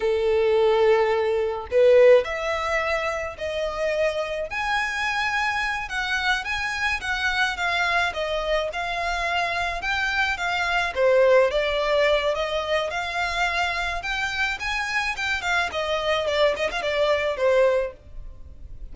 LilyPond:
\new Staff \with { instrumentName = "violin" } { \time 4/4 \tempo 4 = 107 a'2. b'4 | e''2 dis''2 | gis''2~ gis''8 fis''4 gis''8~ | gis''8 fis''4 f''4 dis''4 f''8~ |
f''4. g''4 f''4 c''8~ | c''8 d''4. dis''4 f''4~ | f''4 g''4 gis''4 g''8 f''8 | dis''4 d''8 dis''16 f''16 d''4 c''4 | }